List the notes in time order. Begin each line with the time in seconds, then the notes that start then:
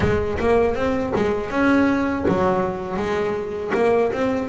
0.00 G#3
0.39 A#3
0.75 C4
1.15 G#3
1.50 C#4
2.28 F#3
2.97 G#3
3.74 A#3
4.12 C4